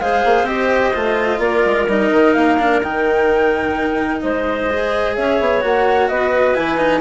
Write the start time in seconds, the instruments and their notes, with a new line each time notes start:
0.00 bassoon G#3, cello G#4, clarinet C5, flute F5
0.25 bassoon A#3
0.43 bassoon C4, cello G4, flute D#5
0.94 bassoon A3, cello F4
1.39 bassoon A#3, clarinet A#4, flute D5
1.65 bassoon G#3
1.88 bassoon G3, cello D#4, flute D#5
2.12 bassoon D#3
2.34 bassoon A#3, flute F5
2.59 cello D4
2.81 bassoon D#3, cello D#4, flute G5
4.21 bassoon G#3, clarinet C5, flute D#5
4.71 cello G#4
5.15 bassoon C#4, clarinet C#5, flute E5
5.40 bassoon B3
5.61 bassoon A#3, cello F#4, flute F#5
6.09 bassoon B3, clarinet B4, flute D#5
6.54 bassoon E3, cello E4, flute G#5
6.77 cello D#4